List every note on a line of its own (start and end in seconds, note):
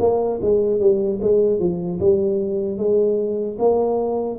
0.00 0.40 A#3
0.42 0.80 G#3
0.80 1.20 G3
1.22 1.60 G#3
1.60 2.00 F3
2.00 2.78 G3
2.78 3.58 G#3
3.59 4.39 A#3